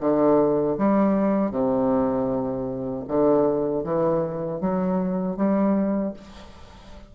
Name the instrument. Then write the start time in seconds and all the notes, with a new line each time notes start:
bassoon
0.00 D3
0.78 G3
1.51 C3
3.08 D3
3.84 E3
4.60 F#3
5.37 G3